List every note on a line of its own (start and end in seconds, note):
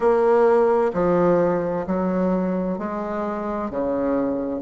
0.00 0.91 A#3
0.93 1.85 F3
1.86 2.78 F#3
2.78 3.70 G#3
3.70 4.61 C#3